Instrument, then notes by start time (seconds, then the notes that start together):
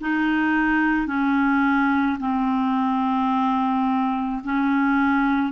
clarinet
0.00 D#4
1.07 C#4
2.19 C4
4.43 C#4